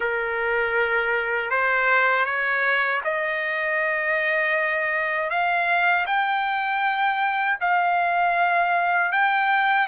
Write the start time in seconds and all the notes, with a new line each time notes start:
0.00 A#4
1.50 C5
2.25 C#5
3.04 D#5
5.30 F5
6.06 G5
7.60 F5
9.12 G5